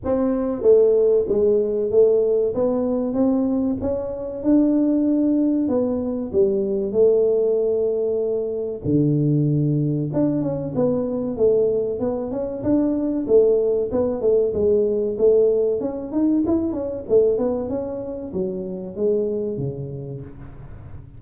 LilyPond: \new Staff \with { instrumentName = "tuba" } { \time 4/4 \tempo 4 = 95 c'4 a4 gis4 a4 | b4 c'4 cis'4 d'4~ | d'4 b4 g4 a4~ | a2 d2 |
d'8 cis'8 b4 a4 b8 cis'8 | d'4 a4 b8 a8 gis4 | a4 cis'8 dis'8 e'8 cis'8 a8 b8 | cis'4 fis4 gis4 cis4 | }